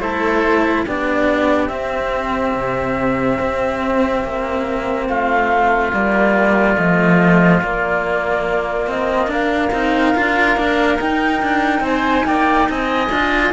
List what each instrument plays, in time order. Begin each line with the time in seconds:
0.00 cello A3 E4, oboe A4, flute C5
0.85 cello B3 D4, oboe G4, flute D5
1.68 cello C4, flute E5
2.54 cello C3
3.40 cello C4
4.24 cello A#3
5.08 cello A3, oboe F4, flute F5
5.93 cello G3 A#3, flute D5
6.76 cello F3 A3, flute D#5
7.62 cello A#3, flute D5
8.87 cello C4, flute D#5
9.27 cello D4, oboe A#4, flute F5
9.71 cello C4 D#4
10.16 cello D4 F4
10.56 cello A#3 D4
10.97 cello D#4, flute G5
11.42 cello D4
11.80 cello C4, oboe C5, flute G#5
12.26 cello A#3, oboe D5, flute G5
12.69 cello C4, oboe D#5, flute G#5
13.10 cello D4 F4